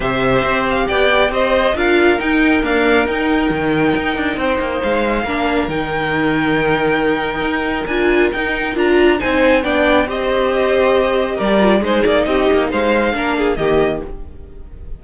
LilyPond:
<<
  \new Staff \with { instrumentName = "violin" } { \time 4/4 \tempo 4 = 137 e''4. f''8 g''4 dis''4 | f''4 g''4 f''4 g''4~ | g''2. f''4~ | f''4 g''2.~ |
g''2 gis''4 g''4 | ais''4 gis''4 g''4 dis''4~ | dis''2 d''4 c''8 d''8 | dis''4 f''2 dis''4 | }
  \new Staff \with { instrumentName = "violin" } { \time 4/4 c''2 d''4 c''4 | ais'1~ | ais'2 c''2 | ais'1~ |
ais'1~ | ais'4 c''4 d''4 c''4~ | c''2 ais'4 gis'4 | g'4 c''4 ais'8 gis'8 g'4 | }
  \new Staff \with { instrumentName = "viola" } { \time 4/4 g'1 | f'4 dis'4 ais4 dis'4~ | dis'1 | d'4 dis'2.~ |
dis'2 f'4 dis'4 | f'4 dis'4 d'4 g'4~ | g'2~ g'8 f'8 dis'4~ | dis'2 d'4 ais4 | }
  \new Staff \with { instrumentName = "cello" } { \time 4/4 c4 c'4 b4 c'4 | d'4 dis'4 d'4 dis'4 | dis4 dis'8 d'8 c'8 ais8 gis4 | ais4 dis2.~ |
dis4 dis'4 d'4 dis'4 | d'4 c'4 b4 c'4~ | c'2 g4 gis8 ais8 | c'8 ais8 gis4 ais4 dis4 | }
>>